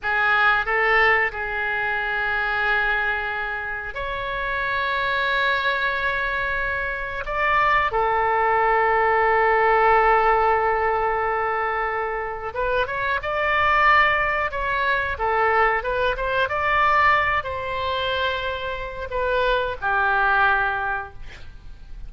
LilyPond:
\new Staff \with { instrumentName = "oboe" } { \time 4/4 \tempo 4 = 91 gis'4 a'4 gis'2~ | gis'2 cis''2~ | cis''2. d''4 | a'1~ |
a'2. b'8 cis''8 | d''2 cis''4 a'4 | b'8 c''8 d''4. c''4.~ | c''4 b'4 g'2 | }